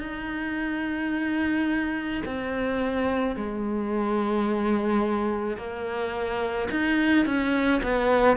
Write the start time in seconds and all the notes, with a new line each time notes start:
0.00 D#4
2.25 C4
3.36 G#3
5.57 A#3
6.70 D#4
7.25 C#4
7.82 B3